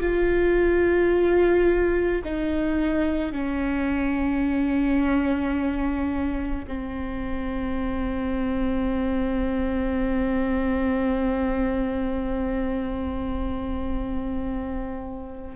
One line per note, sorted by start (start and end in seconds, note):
0.00 2.22 F4
2.24 3.32 D#4
3.32 6.65 C#4
6.68 15.56 C4